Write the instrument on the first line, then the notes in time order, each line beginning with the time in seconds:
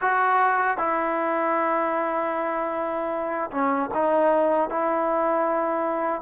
trombone
0.01 F#4
0.77 E4
3.51 C#4
3.94 D#4
4.69 E4